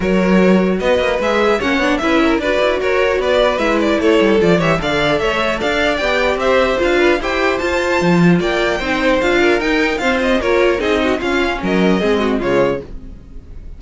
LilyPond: <<
  \new Staff \with { instrumentName = "violin" } { \time 4/4 \tempo 4 = 150 cis''2 dis''4 e''4 | fis''4 e''4 d''4 cis''4 | d''4 e''8 d''8 cis''4 d''8 e''8 | f''4 e''4 f''4 g''4 |
e''4 f''4 g''4 a''4~ | a''4 g''2 f''4 | g''4 f''8 dis''8 cis''4 dis''4 | f''4 dis''2 cis''4 | }
  \new Staff \with { instrumentName = "violin" } { \time 4/4 ais'2 b'2 | cis''4 b'8 ais'8 b'4 ais'4 | b'2 a'4. cis''8 | d''4 cis''4 d''2 |
c''4. b'8 c''2~ | c''4 d''4 c''4. ais'8~ | ais'4 c''4 ais'4 gis'8 fis'8 | f'4 ais'4 gis'8 fis'8 f'4 | }
  \new Staff \with { instrumentName = "viola" } { \time 4/4 fis'2. gis'4 | cis'8 d'8 e'4 fis'2~ | fis'4 e'2 f'8 g'8 | a'2. g'4~ |
g'4 f'4 g'4 f'4~ | f'2 dis'4 f'4 | dis'4 c'4 f'4 dis'4 | cis'2 c'4 gis4 | }
  \new Staff \with { instrumentName = "cello" } { \time 4/4 fis2 b8 ais8 gis4 | ais8 b8 cis'4 d'8 e'8 fis'4 | b4 gis4 a8 g8 f8 e8 | d4 a4 d'4 b4 |
c'4 d'4 e'4 f'4 | f4 ais4 c'4 d'4 | dis'4 f'4 ais4 c'4 | cis'4 fis4 gis4 cis4 | }
>>